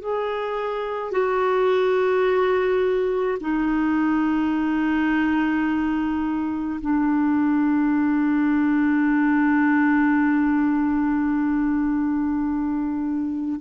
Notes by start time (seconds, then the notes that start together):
0.00 G#4
1.11 F#4
3.40 D#4
6.80 D4